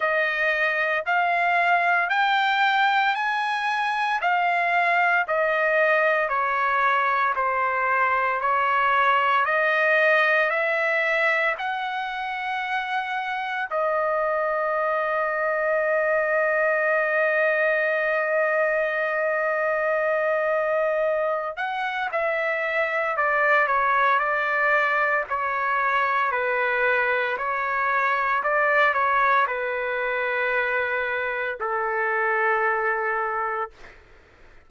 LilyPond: \new Staff \with { instrumentName = "trumpet" } { \time 4/4 \tempo 4 = 57 dis''4 f''4 g''4 gis''4 | f''4 dis''4 cis''4 c''4 | cis''4 dis''4 e''4 fis''4~ | fis''4 dis''2.~ |
dis''1~ | dis''8 fis''8 e''4 d''8 cis''8 d''4 | cis''4 b'4 cis''4 d''8 cis''8 | b'2 a'2 | }